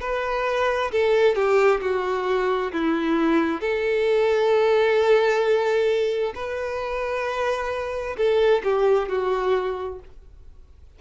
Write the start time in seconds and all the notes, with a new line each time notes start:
0.00 B4
0.91 A4
1.35 G4
1.81 F#4
2.72 E4
3.60 A4
6.34 B4
8.17 A4
8.63 G4
9.08 F#4